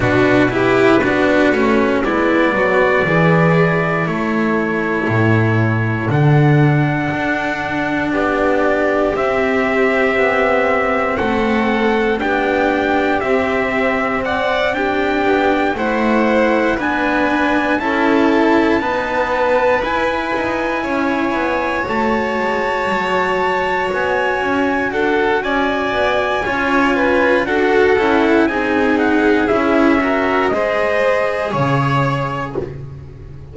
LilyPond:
<<
  \new Staff \with { instrumentName = "trumpet" } { \time 4/4 \tempo 4 = 59 b'2 d''2 | cis''2 fis''2 | d''4 e''2 fis''4 | g''4 e''4 fis''8 g''4 fis''8~ |
fis''8 gis''4 a''2 gis''8~ | gis''4. a''2 gis''8~ | gis''8 fis''8 gis''2 fis''4 | gis''8 fis''8 e''4 dis''4 cis''4 | }
  \new Staff \with { instrumentName = "violin" } { \time 4/4 fis'8 g'8 fis'4 e'8 fis'8 gis'4 | a'1 | g'2. a'4 | g'2 d''8 g'4 c''8~ |
c''8 b'4 a'4 b'4.~ | b'8 cis''2.~ cis''8~ | cis''8 a'8 d''4 cis''8 b'8 a'4 | gis'4. ais'8 c''4 cis''4 | }
  \new Staff \with { instrumentName = "cello" } { \time 4/4 d'8 e'8 d'8 cis'8 b4 e'4~ | e'2 d'2~ | d'4 c'2. | d'4 c'4. d'4 e'8~ |
e'8 d'4 e'4 b4 e'8~ | e'4. fis'2~ fis'8~ | fis'2 f'4 fis'8 e'8 | dis'4 e'8 fis'8 gis'2 | }
  \new Staff \with { instrumentName = "double bass" } { \time 4/4 b,4 b8 a8 gis8 fis8 e4 | a4 a,4 d4 d'4 | b4 c'4 b4 a4 | b4 c'2 b8 a8~ |
a8 b4 cis'4 dis'4 e'8 | dis'8 cis'8 b8 a8 gis8 fis4 b8 | cis'8 d'8 cis'8 b8 cis'4 d'8 cis'8 | c'4 cis'4 gis4 cis4 | }
>>